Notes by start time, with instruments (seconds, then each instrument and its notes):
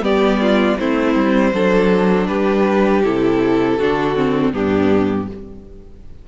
0.00 cello G3, viola B3, violin G4 D5
0.40 violin F4
0.78 cello A3, viola C4, violin E4 C5
1.15 cello G3
1.53 cello F#3, viola D4, violin A4
2.27 cello G3, violin G4 B4
3.03 cello C3, viola E4, violin A4
3.78 cello D3, viola D4, violin F#4
4.15 viola C4
4.53 cello G2, viola B3, violin D4 G4